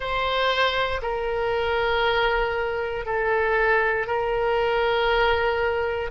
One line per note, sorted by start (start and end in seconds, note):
0.00 1.01 C5
1.02 3.05 A#4
3.05 4.07 A4
4.07 6.10 A#4